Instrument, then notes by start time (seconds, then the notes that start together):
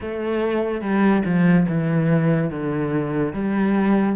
cello
0.00 A3
0.81 G3
1.25 F3
1.68 E3
2.50 D3
3.33 G3